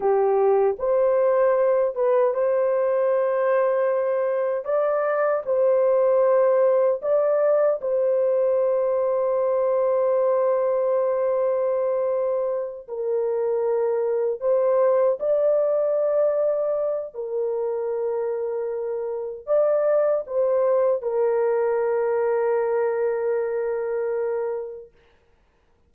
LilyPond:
\new Staff \with { instrumentName = "horn" } { \time 4/4 \tempo 4 = 77 g'4 c''4. b'8 c''4~ | c''2 d''4 c''4~ | c''4 d''4 c''2~ | c''1~ |
c''8 ais'2 c''4 d''8~ | d''2 ais'2~ | ais'4 d''4 c''4 ais'4~ | ais'1 | }